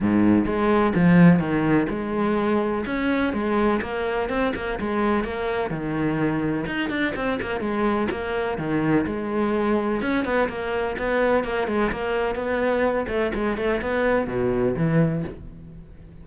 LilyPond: \new Staff \with { instrumentName = "cello" } { \time 4/4 \tempo 4 = 126 gis,4 gis4 f4 dis4 | gis2 cis'4 gis4 | ais4 c'8 ais8 gis4 ais4 | dis2 dis'8 d'8 c'8 ais8 |
gis4 ais4 dis4 gis4~ | gis4 cis'8 b8 ais4 b4 | ais8 gis8 ais4 b4. a8 | gis8 a8 b4 b,4 e4 | }